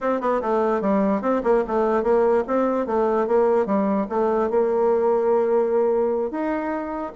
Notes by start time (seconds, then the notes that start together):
0.00 C4
0.21 B3
0.41 A3
0.81 G3
1.21 C4
1.43 A#3
1.67 A3
2.03 A#3
2.47 C4
2.86 A3
3.27 A#3
3.65 G3
4.09 A3
4.49 A#3
6.30 D#4